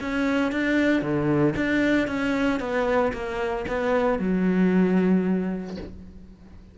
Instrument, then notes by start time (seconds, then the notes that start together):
cello
0.00 C#4
0.52 D4
1.01 D3
1.56 D4
2.07 C#4
2.59 B3
3.12 A#3
3.67 B3
4.19 F#3